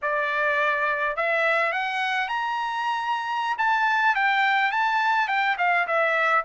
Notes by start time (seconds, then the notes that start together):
0.02 D5
1.16 E5
1.72 F#5
2.28 A#5
3.57 A5
4.15 G5
4.71 A5
5.28 G5
5.58 F5
5.87 E5